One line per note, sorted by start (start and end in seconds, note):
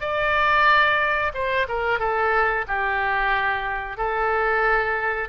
0.00 1.32 D5
1.34 1.67 C5
1.68 1.99 A#4
1.99 2.65 A4
2.67 3.97 G4
3.97 5.29 A4